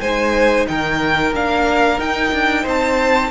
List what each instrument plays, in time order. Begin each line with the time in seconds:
0.00 cello G#3, viola D#4, violin C5 G#5
0.68 cello D#3, violin A#4 G5
1.32 cello A#3, viola D4, violin F5
1.99 viola D#4, cello D#4, violin G5
2.32 cello D4
2.62 cello C4, violin C5 A5